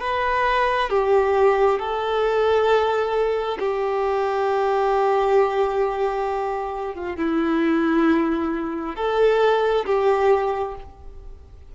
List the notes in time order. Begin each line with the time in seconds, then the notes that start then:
0.00 B4
0.90 G4
1.79 A4
3.59 G4
6.95 F4
7.16 E4
8.95 A4
9.85 G4